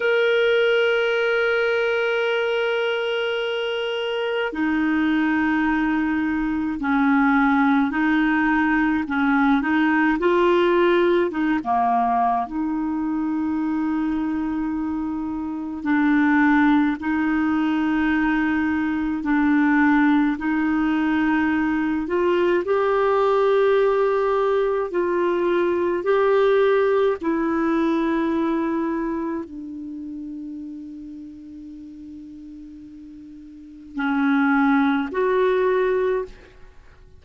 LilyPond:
\new Staff \with { instrumentName = "clarinet" } { \time 4/4 \tempo 4 = 53 ais'1 | dis'2 cis'4 dis'4 | cis'8 dis'8 f'4 dis'16 ais8. dis'4~ | dis'2 d'4 dis'4~ |
dis'4 d'4 dis'4. f'8 | g'2 f'4 g'4 | e'2 d'2~ | d'2 cis'4 fis'4 | }